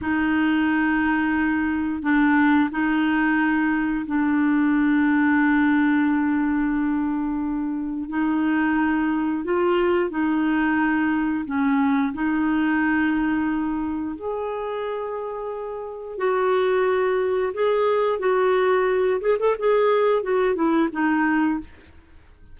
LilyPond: \new Staff \with { instrumentName = "clarinet" } { \time 4/4 \tempo 4 = 89 dis'2. d'4 | dis'2 d'2~ | d'1 | dis'2 f'4 dis'4~ |
dis'4 cis'4 dis'2~ | dis'4 gis'2. | fis'2 gis'4 fis'4~ | fis'8 gis'16 a'16 gis'4 fis'8 e'8 dis'4 | }